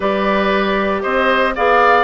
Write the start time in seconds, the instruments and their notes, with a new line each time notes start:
0.00 bassoon G3, clarinet G4, oboe B4, flute D5
1.02 bassoon C4, oboe C5, flute D#5
1.55 bassoon B3, clarinet G#4, oboe D5, flute F5